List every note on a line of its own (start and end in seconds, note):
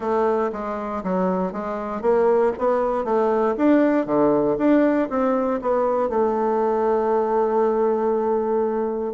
0.00 0.50 A3
0.52 1.03 G#3
1.03 1.52 F#3
1.52 2.01 G#3
2.01 2.52 A#3
2.58 3.04 B3
3.04 3.55 A3
3.57 4.06 D4
4.06 4.56 D3
4.57 5.08 D4
5.09 5.60 C4
5.61 6.09 B3
6.09 9.13 A3